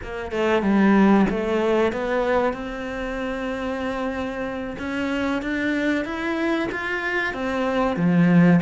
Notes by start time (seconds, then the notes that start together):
0.03 A#3
0.31 A3
0.62 G3
1.30 A3
1.92 B3
2.53 C4
4.78 C#4
5.42 D4
6.04 E4
6.71 F4
7.33 C4
7.96 F3